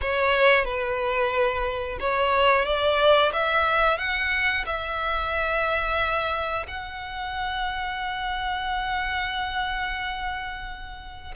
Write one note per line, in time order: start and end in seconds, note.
0.01 0.65 C#5
0.65 1.98 B4
2.00 2.65 C#5
2.65 3.32 D5
3.32 3.98 E5
3.98 4.65 F#5
4.66 6.66 E5
6.67 11.34 F#5